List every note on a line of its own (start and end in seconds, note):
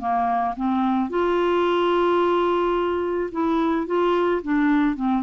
0.00 0.55 A#3
0.56 1.10 C4
1.10 3.30 F4
3.32 3.87 E4
3.87 4.42 F4
4.43 4.96 D4
4.96 5.23 C4